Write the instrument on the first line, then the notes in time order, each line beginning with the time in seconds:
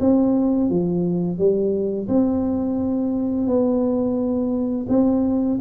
tuba
0.00 C4
0.70 F3
1.38 G3
2.08 C4
3.47 B3
4.89 C4